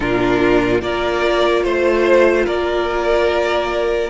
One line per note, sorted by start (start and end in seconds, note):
0.00 0.82 A#2
0.00 0.81 D4
0.00 0.81 F4
0.00 0.81 A#4
0.81 1.64 A#3
0.81 4.10 F4
0.81 1.63 A#4
0.81 1.63 D5
1.63 2.46 A3
1.63 2.45 C5
2.45 4.10 A#3
2.45 4.10 A#4
2.45 4.10 D5